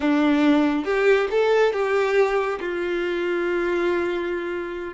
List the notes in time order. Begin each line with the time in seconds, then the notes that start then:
0.00 D4
0.84 G4
1.30 A4
1.73 G4
2.59 F4